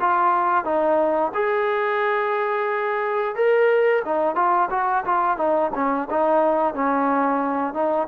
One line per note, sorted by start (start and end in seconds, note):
0.00 0.64 F4
0.64 1.32 D#4
1.34 3.35 G#4
3.35 4.02 A#4
4.05 4.35 D#4
4.35 4.69 F4
4.70 5.04 F#4
5.05 5.37 F4
5.37 5.71 D#4
5.74 6.08 C#4
6.10 6.74 D#4
6.74 7.73 C#4
7.73 8.07 D#4